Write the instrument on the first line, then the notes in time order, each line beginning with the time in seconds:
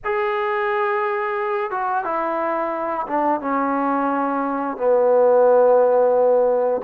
trombone
0.04 G#4
1.70 F#4
2.04 E4
3.07 D4
3.41 C#4
4.77 B3